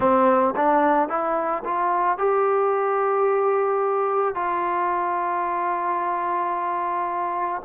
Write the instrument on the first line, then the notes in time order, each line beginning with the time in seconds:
trombone
0.00 C4
0.56 D4
1.09 E4
1.64 F4
2.18 G4
4.34 F4